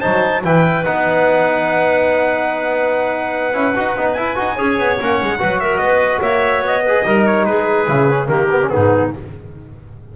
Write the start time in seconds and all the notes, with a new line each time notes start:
0.00 F#3 D#4 C5 A5
0.44 E3 E4 B4 G5
0.84 B3 D#4 F#5
3.53 C#4 E4
3.76 D#4 F#4
3.96 B3 D#4
4.13 E4 G#5
4.35 D#4 F#4
4.55 C#4 G#4 C#5
4.78 B3
5.00 A#3 C#4 F#5
5.21 G#3
5.38 F#3 F#4 B4
5.60 A#4 E5
5.77 B3 B4 D#5
6.21 A#3 C#5 E5
6.61 B3 D#5
6.84 G#4 B4
7.05 G3 D#4 A#4
7.26 C#5
7.45 G#3 G#4 B4
7.87 C#3 E4
8.10 C#4
8.26 D#3 A#3 G4 A#4
8.51 B3
8.63 C#4
8.69 G#2 B3 D#4 G#4